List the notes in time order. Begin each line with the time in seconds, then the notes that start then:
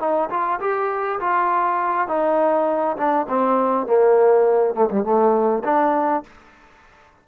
0.00 D#4
0.30 F4
0.60 G4
1.20 F4
2.08 D#4
2.98 D4
3.29 C4
3.87 A#3
4.75 A3
4.91 G3
5.04 A3
5.65 D4